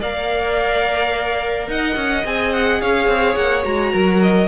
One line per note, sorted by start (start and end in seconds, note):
0.00 1.68 A#3
0.00 2.25 A#4
0.00 1.68 D5
0.00 1.70 F5
1.68 1.96 D#4
1.68 2.82 D#5
1.68 2.26 F#5
1.96 2.24 C#4
2.25 2.81 C4
2.25 3.64 G#4
2.25 2.53 G#5
2.53 2.81 F#5
2.81 3.08 C#4
2.81 3.93 C#5
2.81 3.35 F5
3.08 3.36 C4
3.35 3.64 A#3
3.35 3.63 F#5
3.64 3.94 G#3
3.64 4.48 F#4
3.64 4.20 A#5
3.93 4.48 F#3
3.93 4.48 A#4
4.22 4.48 D#5